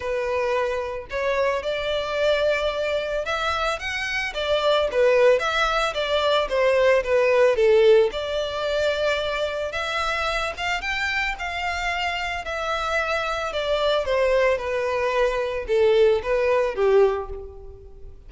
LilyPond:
\new Staff \with { instrumentName = "violin" } { \time 4/4 \tempo 4 = 111 b'2 cis''4 d''4~ | d''2 e''4 fis''4 | d''4 b'4 e''4 d''4 | c''4 b'4 a'4 d''4~ |
d''2 e''4. f''8 | g''4 f''2 e''4~ | e''4 d''4 c''4 b'4~ | b'4 a'4 b'4 g'4 | }